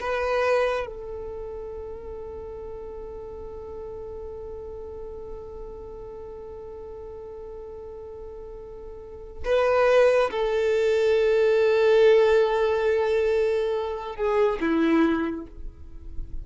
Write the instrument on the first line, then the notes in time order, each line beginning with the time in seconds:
violin
0.00 B4
0.86 A4
9.44 B4
10.30 A4
14.15 G#4
14.60 E4